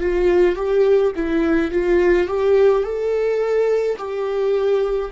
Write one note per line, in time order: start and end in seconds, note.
0.00 0.56 F4
0.56 1.12 G4
1.15 1.71 E4
1.71 2.27 F4
2.27 2.84 G4
2.84 3.97 A4
3.98 5.11 G4